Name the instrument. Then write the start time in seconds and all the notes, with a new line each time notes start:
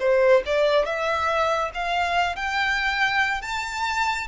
violin
0.00 C5
0.46 D5
0.85 E5
1.74 F5
2.36 G5
3.42 A5